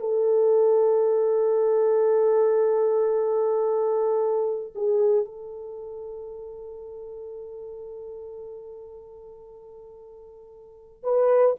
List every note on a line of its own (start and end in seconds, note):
0.00 4.74 A4
4.76 5.25 G#4
5.25 11.04 A4
11.04 11.56 B4